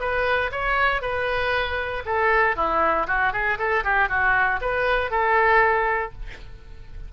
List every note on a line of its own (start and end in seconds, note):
0.00 0.51 B4
0.52 1.02 C#5
1.02 2.03 B4
2.06 2.56 A4
2.56 3.07 E4
3.07 3.33 F#4
3.33 3.58 G#4
3.58 3.84 A4
3.84 4.09 G4
4.09 4.60 F#4
4.61 5.11 B4
5.11 6.13 A4